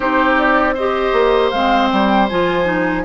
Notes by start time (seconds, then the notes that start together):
0.00 C4 D#4 G4 C5
0.38 D5
0.74 G4 C5 D#5
1.12 A#3
1.50 G#3 C4 F5
1.90 G3 G5
2.28 F3 F4 G#5
2.64 D#4